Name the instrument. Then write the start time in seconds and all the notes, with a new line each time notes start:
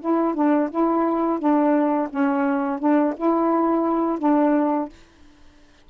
saxophone
0.00 E4
0.34 D4
0.70 E4
1.39 D4
2.09 C#4
2.79 D4
3.16 E4
4.19 D4